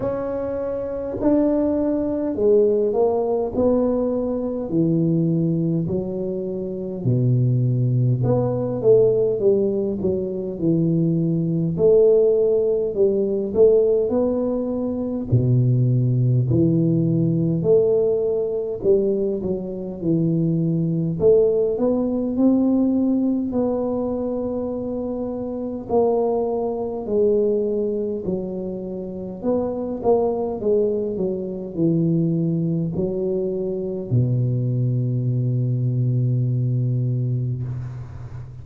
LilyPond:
\new Staff \with { instrumentName = "tuba" } { \time 4/4 \tempo 4 = 51 cis'4 d'4 gis8 ais8 b4 | e4 fis4 b,4 b8 a8 | g8 fis8 e4 a4 g8 a8 | b4 b,4 e4 a4 |
g8 fis8 e4 a8 b8 c'4 | b2 ais4 gis4 | fis4 b8 ais8 gis8 fis8 e4 | fis4 b,2. | }